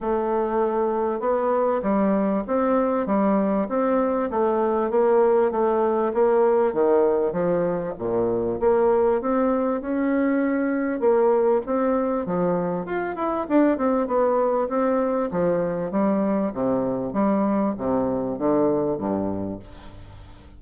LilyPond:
\new Staff \with { instrumentName = "bassoon" } { \time 4/4 \tempo 4 = 98 a2 b4 g4 | c'4 g4 c'4 a4 | ais4 a4 ais4 dis4 | f4 ais,4 ais4 c'4 |
cis'2 ais4 c'4 | f4 f'8 e'8 d'8 c'8 b4 | c'4 f4 g4 c4 | g4 c4 d4 g,4 | }